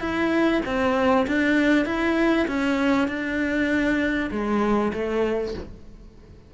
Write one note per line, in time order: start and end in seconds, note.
0.00 0.61 E4
0.65 1.26 C4
1.27 1.85 D4
1.85 2.46 E4
2.47 3.08 C#4
3.08 4.30 D4
4.31 4.92 G#3
4.93 5.54 A3